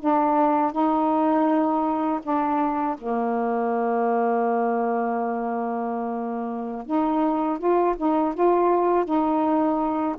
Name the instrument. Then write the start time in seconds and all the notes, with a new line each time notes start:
saxophone
0.00 D4
0.72 D#4
2.23 D4
2.98 A#3
6.87 D#4
7.59 F4
7.97 D#4
8.34 F4
9.05 D#4